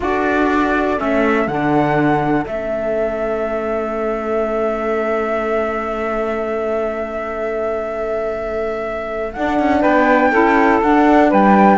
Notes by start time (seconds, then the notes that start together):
0.00 D4 F#4 A4 D5
0.96 A3 C#4 E5
1.47 D3 D4 F#5
2.45 A3 C#4 E5
9.33 D4 F#5
9.59 C#4
9.81 B3 B4 G5
10.30 C#4 E4 A4
10.82 D4 F#5
11.28 G3 B4 G5